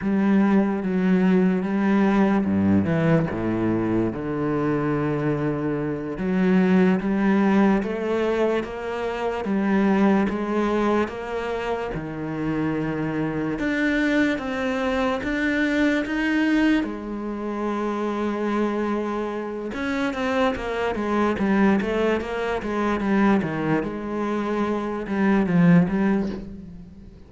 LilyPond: \new Staff \with { instrumentName = "cello" } { \time 4/4 \tempo 4 = 73 g4 fis4 g4 g,8 e8 | a,4 d2~ d8 fis8~ | fis8 g4 a4 ais4 g8~ | g8 gis4 ais4 dis4.~ |
dis8 d'4 c'4 d'4 dis'8~ | dis'8 gis2.~ gis8 | cis'8 c'8 ais8 gis8 g8 a8 ais8 gis8 | g8 dis8 gis4. g8 f8 g8 | }